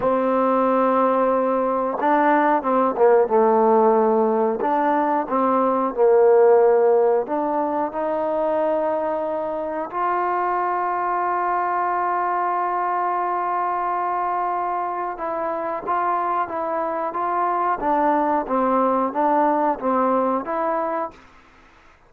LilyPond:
\new Staff \with { instrumentName = "trombone" } { \time 4/4 \tempo 4 = 91 c'2. d'4 | c'8 ais8 a2 d'4 | c'4 ais2 d'4 | dis'2. f'4~ |
f'1~ | f'2. e'4 | f'4 e'4 f'4 d'4 | c'4 d'4 c'4 e'4 | }